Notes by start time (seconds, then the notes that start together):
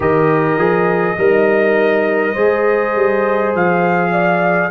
0.00 D#3 G4 A#4 D#5
0.57 F3 G#4
1.17 G3 D#4 A#4
2.32 G#3 G#4 C5
2.95 G3
3.54 F3 F5
4.11 D5